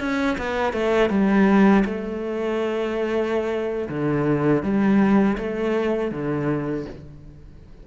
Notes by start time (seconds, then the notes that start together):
0.00 C#4
0.38 B3
0.73 A3
1.10 G3
1.85 A3
3.89 D3
4.63 G3
5.38 A3
6.12 D3